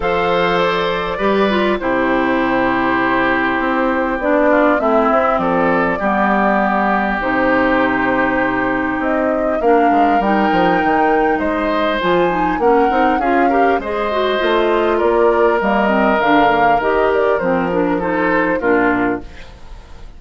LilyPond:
<<
  \new Staff \with { instrumentName = "flute" } { \time 4/4 \tempo 4 = 100 f''4 d''2 c''4~ | c''2. d''4 | e''4 d''2. | c''2. dis''4 |
f''4 g''2 dis''4 | gis''4 fis''4 f''4 dis''4~ | dis''4 d''4 dis''4 f''4 | dis''8 d''8 c''8 ais'8 c''4 ais'4 | }
  \new Staff \with { instrumentName = "oboe" } { \time 4/4 c''2 b'4 g'4~ | g'2.~ g'8 f'8 | e'4 a'4 g'2~ | g'1 |
ais'2. c''4~ | c''4 ais'4 gis'8 ais'8 c''4~ | c''4 ais'2.~ | ais'2 a'4 f'4 | }
  \new Staff \with { instrumentName = "clarinet" } { \time 4/4 a'2 g'8 f'8 e'4~ | e'2. d'4 | c'2 b2 | dis'1 |
d'4 dis'2. | f'8 dis'8 cis'8 dis'8 f'8 g'8 gis'8 fis'8 | f'2 ais8 c'8 d'8 ais8 | g'4 c'8 d'8 dis'4 d'4 | }
  \new Staff \with { instrumentName = "bassoon" } { \time 4/4 f2 g4 c4~ | c2 c'4 b4 | a8 c'8 f4 g2 | c2. c'4 |
ais8 gis8 g8 f8 dis4 gis4 | f4 ais8 c'8 cis'4 gis4 | a4 ais4 g4 d4 | dis4 f2 ais,4 | }
>>